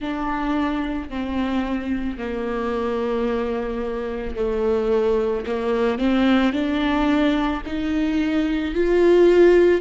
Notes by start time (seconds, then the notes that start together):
0.00 D4
1.09 C4
2.18 A#3
4.36 A3
5.45 A#3
5.98 C4
6.53 D4
7.66 D#4
8.74 F4